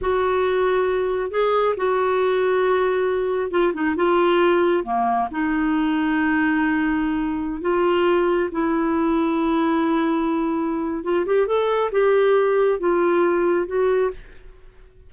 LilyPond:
\new Staff \with { instrumentName = "clarinet" } { \time 4/4 \tempo 4 = 136 fis'2. gis'4 | fis'1 | f'8 dis'8 f'2 ais4 | dis'1~ |
dis'4~ dis'16 f'2 e'8.~ | e'1~ | e'4 f'8 g'8 a'4 g'4~ | g'4 f'2 fis'4 | }